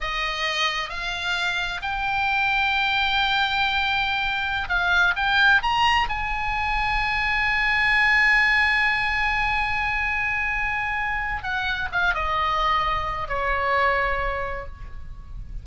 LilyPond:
\new Staff \with { instrumentName = "oboe" } { \time 4/4 \tempo 4 = 131 dis''2 f''2 | g''1~ | g''2~ g''16 f''4 g''8.~ | g''16 ais''4 gis''2~ gis''8.~ |
gis''1~ | gis''1~ | gis''4 fis''4 f''8 dis''4.~ | dis''4 cis''2. | }